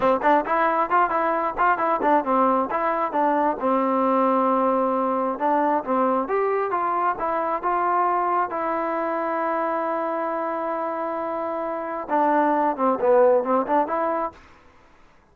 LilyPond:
\new Staff \with { instrumentName = "trombone" } { \time 4/4 \tempo 4 = 134 c'8 d'8 e'4 f'8 e'4 f'8 | e'8 d'8 c'4 e'4 d'4 | c'1 | d'4 c'4 g'4 f'4 |
e'4 f'2 e'4~ | e'1~ | e'2. d'4~ | d'8 c'8 b4 c'8 d'8 e'4 | }